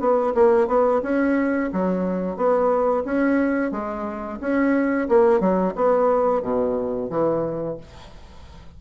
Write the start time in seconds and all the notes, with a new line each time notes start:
0.00 B3
0.35 A#3
0.68 B3
1.03 C#4
1.73 F#3
2.37 B3
3.05 C#4
3.72 G#3
4.41 C#4
5.09 A#3
5.40 F#3
5.75 B3
6.42 B2
7.10 E3